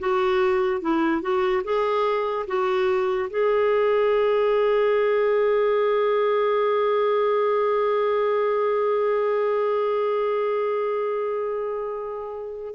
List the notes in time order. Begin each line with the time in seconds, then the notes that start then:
0.00 F#4
0.81 E4
1.21 F#4
1.64 G#4
2.47 F#4
3.30 G#4